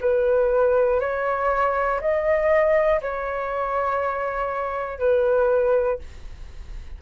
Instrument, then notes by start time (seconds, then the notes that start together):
flute
0.00 B4
1.00 C#5
2.00 D#5
3.01 C#5
4.99 B4